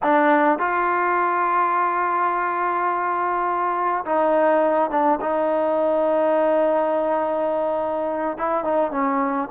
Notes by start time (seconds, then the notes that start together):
0.02 D4
0.58 F4
4.05 D#4
4.90 D4
5.21 D#4
8.37 E4
8.64 D#4
8.91 C#4